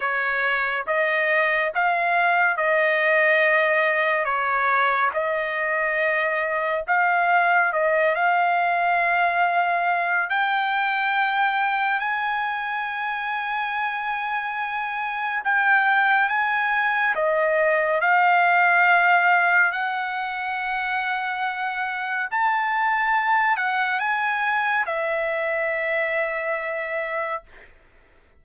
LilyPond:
\new Staff \with { instrumentName = "trumpet" } { \time 4/4 \tempo 4 = 70 cis''4 dis''4 f''4 dis''4~ | dis''4 cis''4 dis''2 | f''4 dis''8 f''2~ f''8 | g''2 gis''2~ |
gis''2 g''4 gis''4 | dis''4 f''2 fis''4~ | fis''2 a''4. fis''8 | gis''4 e''2. | }